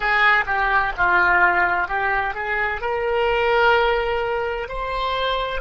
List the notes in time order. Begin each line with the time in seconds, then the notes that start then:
0.00 G#4
0.46 G4
0.97 F4
1.87 G4
2.34 G#4
2.81 A#4
4.68 C5